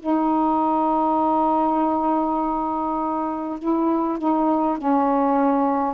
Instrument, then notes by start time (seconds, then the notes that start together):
saxophone
0.00 D#4
3.59 E4
4.19 D#4
4.78 C#4